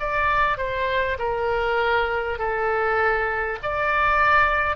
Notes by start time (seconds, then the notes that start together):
0.00 D5
0.57 C5
1.18 A#4
2.39 A4
3.63 D5